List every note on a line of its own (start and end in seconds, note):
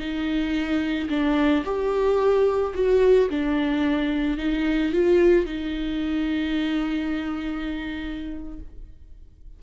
0.00 1.09 D#4
1.10 1.65 D4
1.65 2.74 G4
2.75 3.30 F#4
3.30 4.38 D4
4.38 4.93 D#4
4.93 5.46 F4
5.46 8.60 D#4